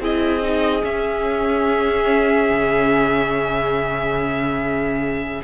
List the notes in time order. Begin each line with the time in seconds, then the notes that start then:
0.00 C4 E4 G#4 D#5
0.43 D#4
0.82 C#4 E5
2.50 C#3